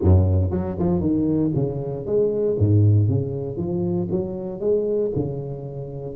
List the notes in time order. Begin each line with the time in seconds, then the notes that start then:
0.01 F#2
0.50 F#3
0.78 F3
1.00 D#3
1.54 C#3
2.05 G#3
2.59 G#2
3.08 C#3
3.56 F3
4.10 F#3
4.59 G#3
5.15 C#3